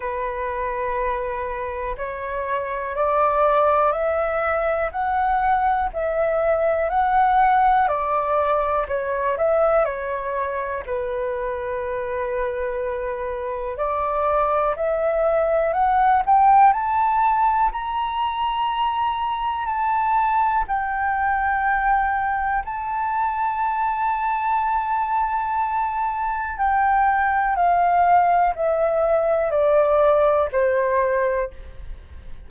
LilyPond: \new Staff \with { instrumentName = "flute" } { \time 4/4 \tempo 4 = 61 b'2 cis''4 d''4 | e''4 fis''4 e''4 fis''4 | d''4 cis''8 e''8 cis''4 b'4~ | b'2 d''4 e''4 |
fis''8 g''8 a''4 ais''2 | a''4 g''2 a''4~ | a''2. g''4 | f''4 e''4 d''4 c''4 | }